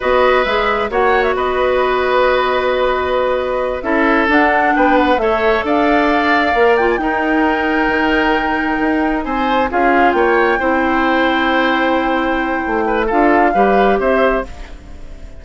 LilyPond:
<<
  \new Staff \with { instrumentName = "flute" } { \time 4/4 \tempo 4 = 133 dis''4 e''4 fis''8. e''16 dis''4~ | dis''1~ | dis''8 e''4 fis''4 g''8 fis''8 e''8~ | e''8 f''2~ f''8 g''16 gis''16 g''8~ |
g''1~ | g''8 gis''4 f''4 g''4.~ | g''1~ | g''4 f''2 e''4 | }
  \new Staff \with { instrumentName = "oboe" } { \time 4/4 b'2 cis''4 b'4~ | b'1~ | b'8 a'2 b'4 cis''8~ | cis''8 d''2. ais'8~ |
ais'1~ | ais'8 c''4 gis'4 cis''4 c''8~ | c''1~ | c''8 b'8 a'4 b'4 c''4 | }
  \new Staff \with { instrumentName = "clarinet" } { \time 4/4 fis'4 gis'4 fis'2~ | fis'1~ | fis'8 e'4 d'2 a'8~ | a'2~ a'8 ais'8 f'8 dis'8~ |
dis'1~ | dis'4. f'2 e'8~ | e'1~ | e'4 f'4 g'2 | }
  \new Staff \with { instrumentName = "bassoon" } { \time 4/4 b4 gis4 ais4 b4~ | b1~ | b8 cis'4 d'4 b4 a8~ | a8 d'2 ais4 dis'8~ |
dis'4. dis2 dis'8~ | dis'8 c'4 cis'4 ais4 c'8~ | c'1 | a4 d'4 g4 c'4 | }
>>